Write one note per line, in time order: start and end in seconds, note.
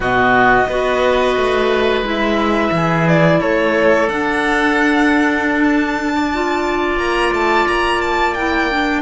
0.00 0.66 B2
0.00 0.70 B3
0.00 0.68 F#4
0.00 2.05 D#5
0.68 1.36 B3
0.68 2.04 F#4
0.68 2.73 B4
1.36 2.02 A3
2.02 2.70 G#3
2.02 4.08 E4
2.09 3.08 E5
2.71 3.39 E3
2.71 3.40 G#4
3.08 3.40 D5
3.40 4.08 A3
3.40 6.12 A4
3.40 4.09 C#5
4.08 6.96 D4
4.08 6.32 D4
4.08 5.62 F#5
5.63 6.98 A5
6.15 9.01 D5
6.33 8.37 F4
6.96 7.30 A#3
6.96 7.32 A#5
7.32 7.66 A3
7.32 7.67 A5
7.67 9.01 A#3
7.67 8.01 A#5
8.01 8.34 A5
8.34 8.70 E4
8.34 9.01 G5
8.70 9.01 D4